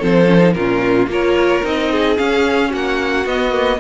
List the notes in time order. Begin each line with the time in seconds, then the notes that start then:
0.00 F3 C4 A4 C5
0.26 C#4
0.39 D#4
0.53 A#2 C#4 F4 A#4
1.07 A#3 F4 A#4 C#5
1.63 C4 D#4 D#5
1.92 G#4
2.17 C#4 F5
2.70 A#3 F#4 F#5
3.25 B3 D#5
3.51 A#3